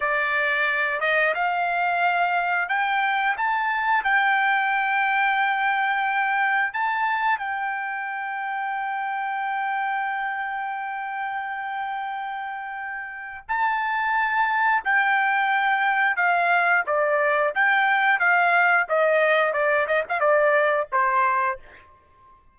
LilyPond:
\new Staff \with { instrumentName = "trumpet" } { \time 4/4 \tempo 4 = 89 d''4. dis''8 f''2 | g''4 a''4 g''2~ | g''2 a''4 g''4~ | g''1~ |
g''1 | a''2 g''2 | f''4 d''4 g''4 f''4 | dis''4 d''8 dis''16 f''16 d''4 c''4 | }